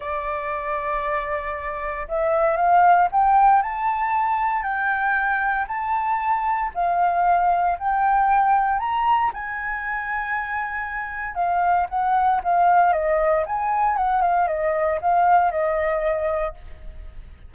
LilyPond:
\new Staff \with { instrumentName = "flute" } { \time 4/4 \tempo 4 = 116 d''1 | e''4 f''4 g''4 a''4~ | a''4 g''2 a''4~ | a''4 f''2 g''4~ |
g''4 ais''4 gis''2~ | gis''2 f''4 fis''4 | f''4 dis''4 gis''4 fis''8 f''8 | dis''4 f''4 dis''2 | }